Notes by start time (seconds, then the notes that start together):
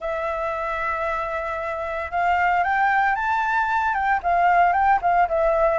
0.00 E5
2.11 F5
2.63 G5
3.15 A5
3.93 G5
4.22 F5
4.72 G5
5.01 F5
5.28 E5